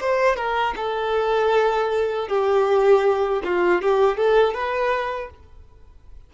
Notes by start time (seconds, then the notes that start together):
0.00 C5
0.36 A#4
0.76 A4
2.28 G4
3.44 F4
3.81 G4
4.17 A4
4.54 B4